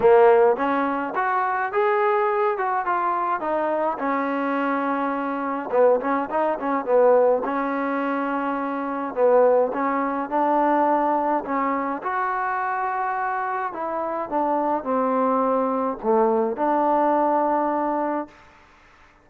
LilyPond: \new Staff \with { instrumentName = "trombone" } { \time 4/4 \tempo 4 = 105 ais4 cis'4 fis'4 gis'4~ | gis'8 fis'8 f'4 dis'4 cis'4~ | cis'2 b8 cis'8 dis'8 cis'8 | b4 cis'2. |
b4 cis'4 d'2 | cis'4 fis'2. | e'4 d'4 c'2 | a4 d'2. | }